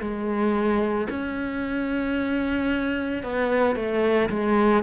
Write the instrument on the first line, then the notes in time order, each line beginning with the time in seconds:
cello
0.00 G#3
1.10 C#4
3.23 B3
3.75 A3
4.30 G#3